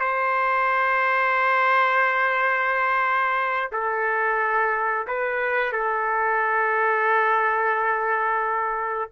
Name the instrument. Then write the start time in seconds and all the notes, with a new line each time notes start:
trumpet
0.00 C5
3.72 A4
5.07 B4
5.72 A4